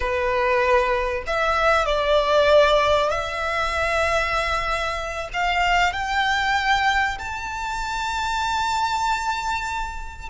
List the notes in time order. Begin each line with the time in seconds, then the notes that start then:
0.00 B4
1.26 E5
1.85 D5
3.09 E5
5.33 F5
5.93 G5
7.18 A5